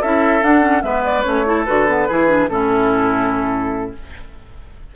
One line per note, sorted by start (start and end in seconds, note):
0.00 0.42 C#4
0.00 0.42 E4
0.00 0.82 A4
0.00 0.43 E5
0.42 0.61 D4
0.42 0.83 D4
0.42 0.82 F#5
0.61 0.81 C#4
0.82 1.24 G#3
0.82 1.23 B3
0.82 1.46 B4
0.82 1.02 E5
1.04 1.22 D5
1.22 1.67 A3
1.22 1.44 C#4
1.22 1.63 C#5
1.45 1.65 E4
1.45 2.08 A4
1.65 2.09 D3
1.65 1.87 F#4
1.65 2.47 B4
1.87 2.08 B3
2.08 2.49 E3
2.08 2.28 E4
2.08 2.49 G#4
2.28 2.48 D4
2.48 3.93 A2
2.48 3.94 C#4
2.48 3.95 E4
2.48 3.92 A4